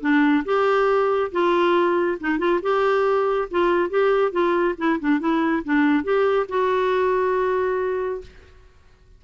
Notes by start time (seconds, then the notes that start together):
0.00 D4
0.45 G4
1.31 F4
2.20 D#4
2.38 F4
2.62 G4
3.50 F4
3.89 G4
4.31 F4
4.77 E4
4.99 D4
5.19 E4
5.64 D4
6.03 G4
6.48 F#4